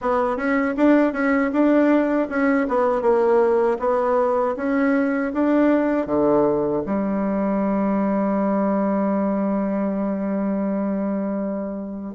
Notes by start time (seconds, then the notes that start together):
0.01 B3
0.36 C#4
0.76 D4
1.12 C#4
1.52 D4
2.29 C#4
2.68 B3
3.01 A#3
3.79 B3
4.56 C#4
5.33 D4
6.06 D3
6.86 G3